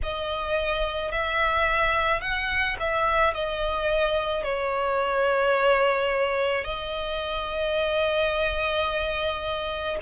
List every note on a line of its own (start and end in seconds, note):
0.03 1.11 D#5
1.11 2.20 E5
2.20 2.76 F#5
2.79 3.33 E5
3.33 4.43 D#5
4.43 6.64 C#5
6.64 9.97 D#5